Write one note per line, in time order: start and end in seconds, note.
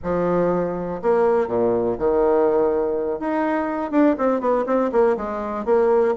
0.03 1.01 F3
1.01 1.47 A#3
1.47 1.96 A#2
1.98 3.19 D#3
3.19 3.91 D#4
3.91 4.15 D4
4.18 4.40 C4
4.40 4.65 B3
4.66 4.90 C4
4.92 5.16 A#3
5.17 5.65 G#3
5.65 6.14 A#3